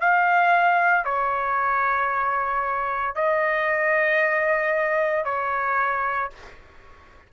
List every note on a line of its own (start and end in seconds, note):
0.00 1.05 F5
1.05 3.15 C#5
3.15 5.24 D#5
5.24 6.30 C#5